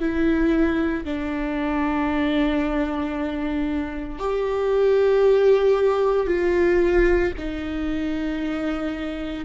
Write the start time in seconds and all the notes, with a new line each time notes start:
0.00 E4
1.05 D4
4.19 G4
6.27 F4
7.38 D#4